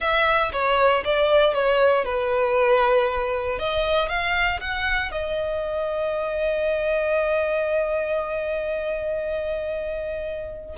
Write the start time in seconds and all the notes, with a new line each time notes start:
0.00 E5
0.52 C#5
1.04 D5
1.54 C#5
2.04 B4
3.59 D#5
4.08 F5
4.60 F#5
5.11 D#5